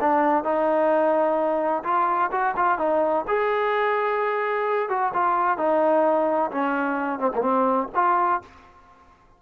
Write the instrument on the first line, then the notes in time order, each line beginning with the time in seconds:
trombone
0.00 D4
0.43 D#4
1.83 F4
2.31 F#4
2.56 F4
2.78 D#4
3.27 G#4
4.89 F#4
5.13 F4
5.57 D#4
6.51 C#4
7.19 C4
7.34 A#3
7.41 C4
7.95 F4